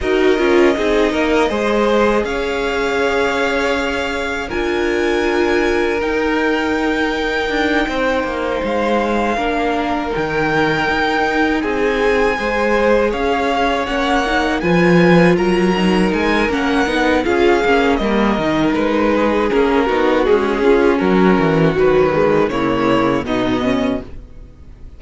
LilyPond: <<
  \new Staff \with { instrumentName = "violin" } { \time 4/4 \tempo 4 = 80 dis''2. f''4~ | f''2 gis''2 | g''2.~ g''8 f''8~ | f''4. g''2 gis''8~ |
gis''4. f''4 fis''4 gis''8~ | gis''8 ais''4 gis''8 fis''4 f''4 | dis''4 b'4 ais'4 gis'4 | ais'4 b'4 cis''4 dis''4 | }
  \new Staff \with { instrumentName = "violin" } { \time 4/4 ais'4 gis'8 ais'8 c''4 cis''4~ | cis''2 ais'2~ | ais'2~ ais'8 c''4.~ | c''8 ais'2. gis'8~ |
gis'8 c''4 cis''2 b'8~ | b'8 ais'2~ ais'8 gis'4 | ais'4. gis'4 fis'4 f'8 | fis'2 e'4 dis'8 cis'8 | }
  \new Staff \with { instrumentName = "viola" } { \time 4/4 fis'8 f'8 dis'4 gis'2~ | gis'2 f'2 | dis'1~ | dis'8 d'4 dis'2~ dis'8~ |
dis'8 gis'2 cis'8 dis'8 f'8~ | f'4 dis'4 cis'8 dis'8 f'8 cis'8 | ais8 dis'4. cis'8 dis'8 gis8 cis'8~ | cis'4 fis8 gis8 ais4 b4 | }
  \new Staff \with { instrumentName = "cello" } { \time 4/4 dis'8 cis'8 c'8 ais8 gis4 cis'4~ | cis'2 d'2 | dis'2 d'8 c'8 ais8 gis8~ | gis8 ais4 dis4 dis'4 c'8~ |
c'8 gis4 cis'4 ais4 f8~ | f8 fis4 gis8 ais8 b8 cis'8 ais8 | g8 dis8 gis4 ais8 b8 cis'4 | fis8 e8 dis4 cis4 b,4 | }
>>